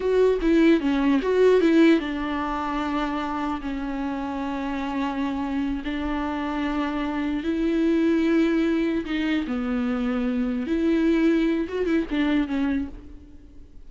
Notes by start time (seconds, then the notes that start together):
0.00 F#4
0.41 E4
0.80 C#4
1.22 F#4
1.60 E4
1.99 D4
3.61 C#4
5.84 D4
7.43 E4
9.05 D#4
9.47 B3
10.66 E4
11.68 F#4
11.86 E4
12.10 D4
12.47 C#4